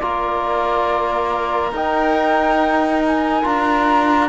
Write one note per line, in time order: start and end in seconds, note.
0.00 1.72 A#3
0.00 1.74 F4
0.00 4.30 A#4
0.00 1.71 D5
1.72 3.44 D#4
1.72 3.43 D#4
1.72 3.04 G5
3.07 3.46 G#5
3.43 4.30 D4
3.43 4.29 F4
3.43 4.30 A#5